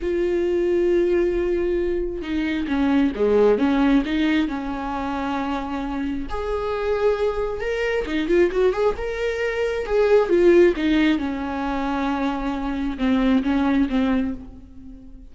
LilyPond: \new Staff \with { instrumentName = "viola" } { \time 4/4 \tempo 4 = 134 f'1~ | f'4 dis'4 cis'4 gis4 | cis'4 dis'4 cis'2~ | cis'2 gis'2~ |
gis'4 ais'4 dis'8 f'8 fis'8 gis'8 | ais'2 gis'4 f'4 | dis'4 cis'2.~ | cis'4 c'4 cis'4 c'4 | }